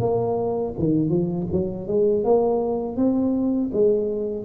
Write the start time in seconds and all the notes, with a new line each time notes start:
0.00 A#3
0.78 D#3
1.09 F3
1.52 F#3
1.88 G#3
2.24 A#3
2.96 C4
3.73 G#3